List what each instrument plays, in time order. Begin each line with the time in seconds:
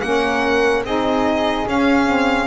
0.00 double bass A#3, saxophone C#4, flute A#4, violin F#5
0.83 double bass C4, saxophone D#4, flute G#4, violin D#5
1.66 double bass C#4, saxophone C#4, violin F5
2.05 saxophone C4